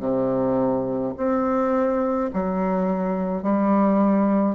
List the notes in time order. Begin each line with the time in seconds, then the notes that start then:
0.00 C3
1.17 C4
2.34 F#3
3.43 G3